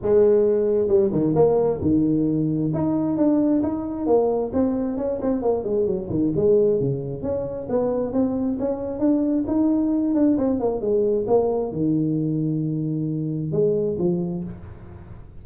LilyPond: \new Staff \with { instrumentName = "tuba" } { \time 4/4 \tempo 4 = 133 gis2 g8 dis8 ais4 | dis2 dis'4 d'4 | dis'4 ais4 c'4 cis'8 c'8 | ais8 gis8 fis8 dis8 gis4 cis4 |
cis'4 b4 c'4 cis'4 | d'4 dis'4. d'8 c'8 ais8 | gis4 ais4 dis2~ | dis2 gis4 f4 | }